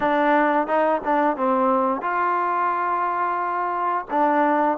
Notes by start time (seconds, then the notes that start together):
0.00 D4
0.67 D#4
1.04 D4
1.36 C4
2.01 F4
4.10 D4